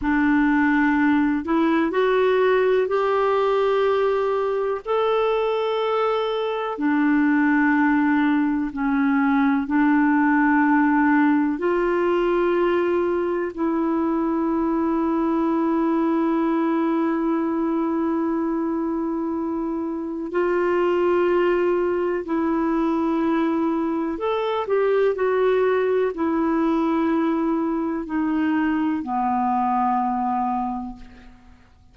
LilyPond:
\new Staff \with { instrumentName = "clarinet" } { \time 4/4 \tempo 4 = 62 d'4. e'8 fis'4 g'4~ | g'4 a'2 d'4~ | d'4 cis'4 d'2 | f'2 e'2~ |
e'1~ | e'4 f'2 e'4~ | e'4 a'8 g'8 fis'4 e'4~ | e'4 dis'4 b2 | }